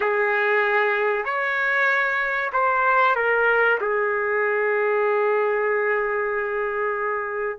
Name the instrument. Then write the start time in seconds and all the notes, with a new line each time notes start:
trumpet
0.00 G#4
1.24 C#5
2.52 C5
3.15 A#4
3.80 G#4